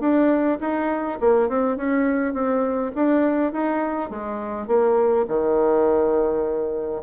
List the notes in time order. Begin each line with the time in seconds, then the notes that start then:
0.00 D4
0.61 D#4
1.20 A#3
1.49 C4
1.77 C#4
2.34 C4
2.95 D4
3.52 D#4
4.10 G#3
4.67 A#3
5.28 D#3